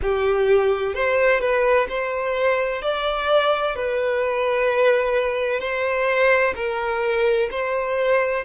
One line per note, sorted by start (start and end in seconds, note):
0.02 0.94 G4
0.94 1.40 C5
1.40 1.87 B4
1.88 2.82 C5
2.82 3.75 D5
3.75 5.60 B4
5.60 6.54 C5
6.55 7.49 A#4
7.50 8.44 C5